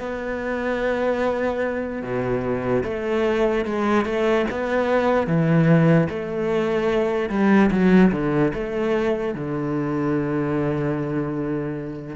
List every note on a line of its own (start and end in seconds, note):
0.00 2.02 B3
2.02 2.83 B2
2.84 3.65 A3
3.65 4.05 G#3
4.05 4.46 A3
4.51 5.27 B3
5.27 6.08 E3
6.09 7.30 A3
7.30 7.70 G3
7.71 8.12 F#3
8.12 8.52 D3
8.54 9.35 A3
9.35 12.16 D3